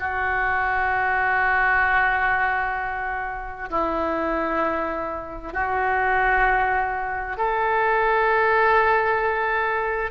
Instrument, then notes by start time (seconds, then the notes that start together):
oboe
0.00 F#4
3.70 E4
5.53 F#4
7.37 A4